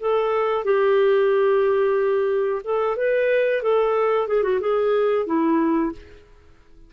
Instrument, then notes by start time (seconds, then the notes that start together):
clarinet
0.00 A4
0.64 G4
2.64 A4
2.96 B4
3.62 A4
4.28 G#4
4.43 F#4
4.60 G#4
5.26 E4